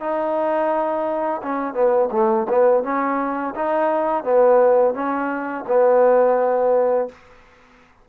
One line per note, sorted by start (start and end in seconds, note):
0.00 1.41 D#4
1.43 1.74 C#4
1.74 2.09 B3
2.11 2.47 A3
2.49 2.84 B3
2.84 3.54 C#4
3.55 4.24 D#4
4.24 4.94 B3
4.94 5.65 C#4
5.67 7.08 B3